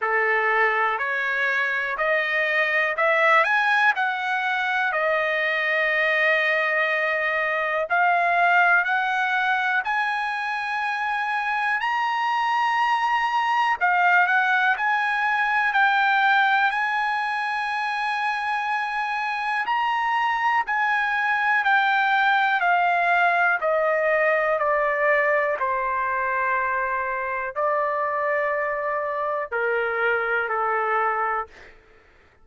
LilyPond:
\new Staff \with { instrumentName = "trumpet" } { \time 4/4 \tempo 4 = 61 a'4 cis''4 dis''4 e''8 gis''8 | fis''4 dis''2. | f''4 fis''4 gis''2 | ais''2 f''8 fis''8 gis''4 |
g''4 gis''2. | ais''4 gis''4 g''4 f''4 | dis''4 d''4 c''2 | d''2 ais'4 a'4 | }